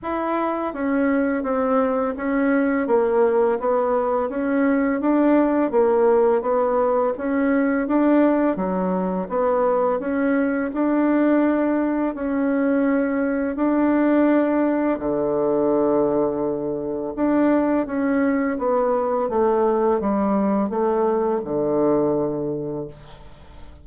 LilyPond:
\new Staff \with { instrumentName = "bassoon" } { \time 4/4 \tempo 4 = 84 e'4 cis'4 c'4 cis'4 | ais4 b4 cis'4 d'4 | ais4 b4 cis'4 d'4 | fis4 b4 cis'4 d'4~ |
d'4 cis'2 d'4~ | d'4 d2. | d'4 cis'4 b4 a4 | g4 a4 d2 | }